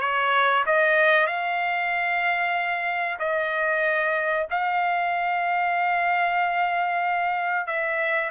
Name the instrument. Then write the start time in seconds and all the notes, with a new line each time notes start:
trumpet
0.00 C#5
0.66 D#5
1.26 F5
3.19 D#5
4.50 F5
7.66 E5